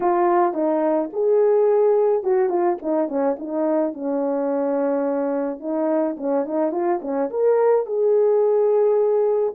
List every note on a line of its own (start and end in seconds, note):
0.00 0.53 F4
0.53 1.09 D#4
1.12 2.23 G#4
2.23 2.49 F#4
2.49 2.77 F4
2.81 3.08 D#4
3.08 3.36 C#4
3.38 3.93 D#4
3.93 5.59 C#4
5.59 6.15 D#4
6.17 6.45 C#4
6.45 6.71 D#4
6.71 6.99 F4
7.01 7.29 C#4
7.30 7.86 A#4
7.86 9.54 G#4